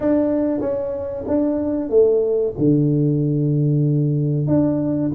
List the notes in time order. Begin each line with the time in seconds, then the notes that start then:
0.00 D4
0.60 C#4
1.27 D4
1.89 A3
2.58 D3
4.47 D4